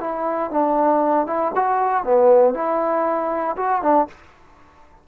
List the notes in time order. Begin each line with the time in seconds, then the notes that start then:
0.00 E4
0.51 D4
1.27 E4
1.55 F#4
2.04 B3
2.54 E4
3.57 F#4
3.82 D4